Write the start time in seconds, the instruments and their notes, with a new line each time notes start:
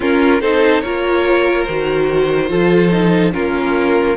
0.00 cello C#4, viola C#4, violin F4 A#4
0.40 cello C4, viola D#4, violin A4 C5
0.80 cello A#3, viola F4, violin A#4 C#5
1.63 cello D#3, viola F#4, violin C5
2.47 cello F3, viola F4, violin A4
2.91 viola D#4
3.32 cello A#3, viola C#4, violin F4 A#4